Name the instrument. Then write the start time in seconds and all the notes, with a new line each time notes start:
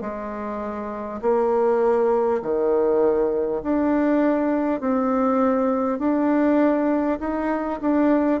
bassoon
0.00 G#3
1.21 A#3
2.42 D#3
3.62 D4
4.80 C4
5.98 D4
7.19 D#4
7.81 D4